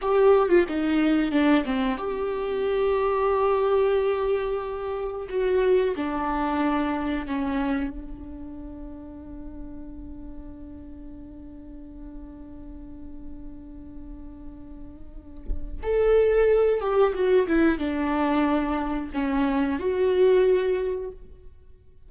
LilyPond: \new Staff \with { instrumentName = "viola" } { \time 4/4 \tempo 4 = 91 g'8. f'16 dis'4 d'8 c'8 g'4~ | g'1 | fis'4 d'2 cis'4 | d'1~ |
d'1~ | d'1 | a'4. g'8 fis'8 e'8 d'4~ | d'4 cis'4 fis'2 | }